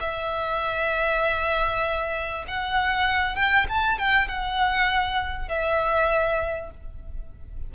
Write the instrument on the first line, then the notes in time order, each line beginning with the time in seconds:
violin
0.00 E5
2.47 F#5
3.35 G5
3.69 A5
3.98 G5
4.28 F#5
5.48 E5